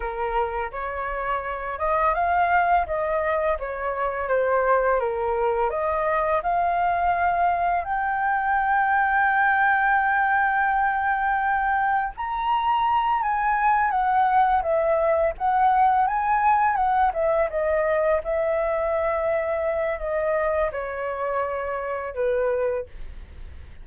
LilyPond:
\new Staff \with { instrumentName = "flute" } { \time 4/4 \tempo 4 = 84 ais'4 cis''4. dis''8 f''4 | dis''4 cis''4 c''4 ais'4 | dis''4 f''2 g''4~ | g''1~ |
g''4 ais''4. gis''4 fis''8~ | fis''8 e''4 fis''4 gis''4 fis''8 | e''8 dis''4 e''2~ e''8 | dis''4 cis''2 b'4 | }